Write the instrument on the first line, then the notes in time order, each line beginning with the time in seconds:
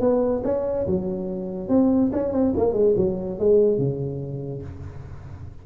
tuba
0.00 B3
0.44 C#4
0.87 F#3
1.69 C4
2.13 C#4
2.32 C4
2.57 A#3
2.73 G#3
2.97 F#3
3.39 G#3
3.78 C#3